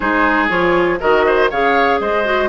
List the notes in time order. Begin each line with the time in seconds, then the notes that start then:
0.00 G#3 D#4 G#4 C5
0.48 F3 F4 C#5
1.00 D#3 F#4 A#4 D#5
1.26 C5
1.50 C#3 G#4 C#5 F5
1.99 G#3 C5 D#5
2.24 F#4